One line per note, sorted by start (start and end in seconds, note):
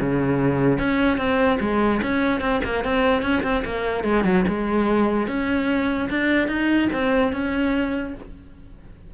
0.00 0.79 C#3
0.79 1.17 C#4
1.17 1.58 C4
1.60 2.01 G#3
2.02 2.41 C#4
2.41 2.61 C4
2.64 2.84 A#3
2.84 3.22 C4
3.22 3.42 C#4
3.43 3.63 C4
3.65 4.04 A#3
4.04 4.24 G#3
4.24 4.45 F#3
4.48 5.27 G#3
5.27 6.09 C#4
6.10 6.48 D4
6.48 6.89 D#4
6.92 7.33 C4
7.33 8.14 C#4